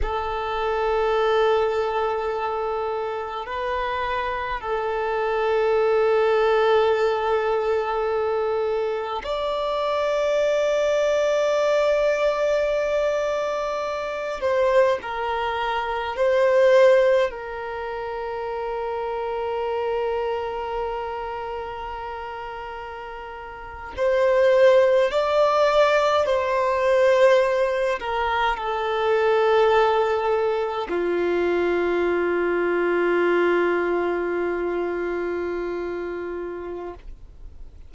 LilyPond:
\new Staff \with { instrumentName = "violin" } { \time 4/4 \tempo 4 = 52 a'2. b'4 | a'1 | d''1~ | d''8 c''8 ais'4 c''4 ais'4~ |
ais'1~ | ais'8. c''4 d''4 c''4~ c''16~ | c''16 ais'8 a'2 f'4~ f'16~ | f'1 | }